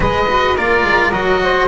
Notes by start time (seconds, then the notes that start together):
0.00 G#3 G#4 B4 D#5
0.28 F#4
0.56 A#3 F4 A#4 D5
0.82 G#3
1.12 F#3 F#4 D#5
1.43 C5